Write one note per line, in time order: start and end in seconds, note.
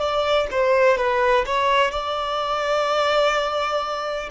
0.00 0.48 D5
0.51 0.97 C5
0.97 1.45 B4
1.45 1.91 C#5
1.91 4.29 D5